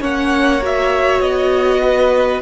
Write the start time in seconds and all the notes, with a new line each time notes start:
0.00 A#3 C#4 C#5 F#5
0.61 F#4 E5
1.20 B3 D#5
1.82 B4